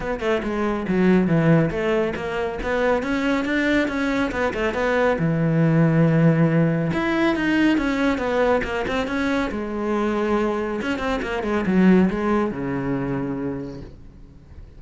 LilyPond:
\new Staff \with { instrumentName = "cello" } { \time 4/4 \tempo 4 = 139 b8 a8 gis4 fis4 e4 | a4 ais4 b4 cis'4 | d'4 cis'4 b8 a8 b4 | e1 |
e'4 dis'4 cis'4 b4 | ais8 c'8 cis'4 gis2~ | gis4 cis'8 c'8 ais8 gis8 fis4 | gis4 cis2. | }